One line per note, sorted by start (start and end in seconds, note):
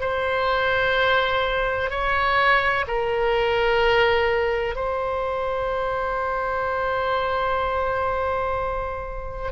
0.00 1.90 C5
1.90 2.85 C#5
2.87 4.75 A#4
4.75 9.51 C5